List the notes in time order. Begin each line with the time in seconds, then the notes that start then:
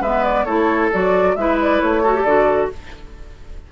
0.00 G#3 B3 B4 E5
0.24 D5
0.45 A3 E4 A4 C#5
0.92 F#3 F#4 D5
1.35 G#3 E4 B4 E5
1.61 D5
1.81 A3 C#5
2.02 F#4 A4
2.15 G4
2.23 D3 F#4 D5